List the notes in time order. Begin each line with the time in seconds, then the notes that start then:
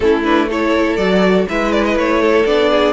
0.00 A3 C#4 E4 A4
0.24 D4 B4
0.49 E4 A4 C#5
0.96 F#3 F#4 D5
1.48 G#3 E4 B4 E5
1.72 D5
1.85 D#5
1.95 A3 C#5
2.21 A4
2.45 B3 D4 D5
2.70 G#4